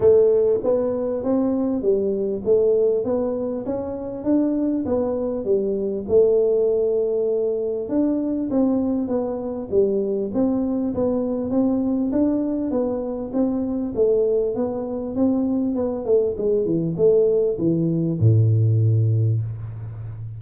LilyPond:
\new Staff \with { instrumentName = "tuba" } { \time 4/4 \tempo 4 = 99 a4 b4 c'4 g4 | a4 b4 cis'4 d'4 | b4 g4 a2~ | a4 d'4 c'4 b4 |
g4 c'4 b4 c'4 | d'4 b4 c'4 a4 | b4 c'4 b8 a8 gis8 e8 | a4 e4 a,2 | }